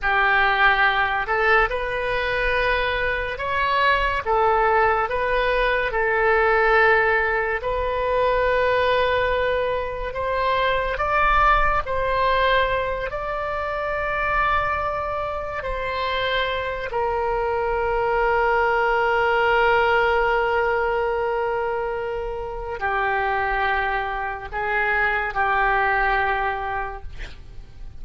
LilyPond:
\new Staff \with { instrumentName = "oboe" } { \time 4/4 \tempo 4 = 71 g'4. a'8 b'2 | cis''4 a'4 b'4 a'4~ | a'4 b'2. | c''4 d''4 c''4. d''8~ |
d''2~ d''8 c''4. | ais'1~ | ais'2. g'4~ | g'4 gis'4 g'2 | }